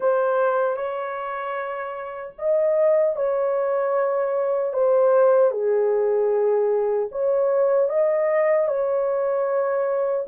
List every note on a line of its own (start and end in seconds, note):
0.00 0.76 C5
0.76 2.34 C#5
2.38 3.16 D#5
3.16 4.73 C#5
4.73 5.50 C5
5.50 7.08 G#4
7.11 7.89 C#5
7.89 8.68 D#5
8.68 10.26 C#5